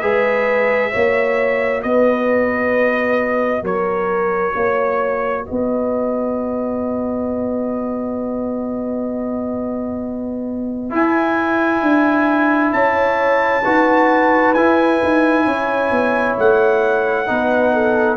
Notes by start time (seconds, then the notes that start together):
0.00 G#3 G#4 B4 E5
0.91 A#3 F#4 C#5
1.82 B3 B4 D#5
3.63 F#3 A#4 C#5
4.55 A#3 C#5
5.44 B4 D#5
5.51 B3
10.90 E4 G#5
11.81 D4
12.72 C#4 C#5 A5
13.64 D#4 F#4 B4
14.54 E4 G#5
15.03 D#4
15.45 C#4 C#5
15.91 B3
16.38 A3 F#5
17.27 B3 D#4 B4
17.73 A4